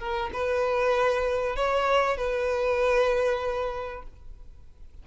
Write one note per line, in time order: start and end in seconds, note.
0.00 0.31 A#4
0.33 1.56 B4
1.56 2.18 C#5
2.18 4.03 B4